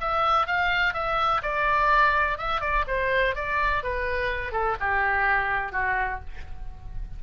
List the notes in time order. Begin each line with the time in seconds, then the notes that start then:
0.00 E5
0.46 F5
0.93 E5
1.42 D5
2.37 E5
2.60 D5
2.87 C5
3.35 D5
3.83 B4
4.52 A4
4.80 G4
5.72 F#4